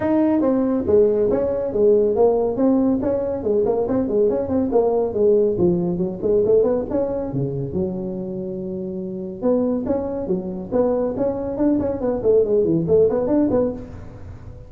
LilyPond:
\new Staff \with { instrumentName = "tuba" } { \time 4/4 \tempo 4 = 140 dis'4 c'4 gis4 cis'4 | gis4 ais4 c'4 cis'4 | gis8 ais8 c'8 gis8 cis'8 c'8 ais4 | gis4 f4 fis8 gis8 a8 b8 |
cis'4 cis4 fis2~ | fis2 b4 cis'4 | fis4 b4 cis'4 d'8 cis'8 | b8 a8 gis8 e8 a8 b8 d'8 b8 | }